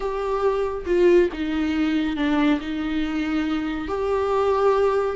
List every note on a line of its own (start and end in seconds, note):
0.00 0.85 G4
0.86 1.29 F4
1.32 2.16 D#4
2.16 2.59 D4
2.60 3.88 D#4
3.88 5.15 G4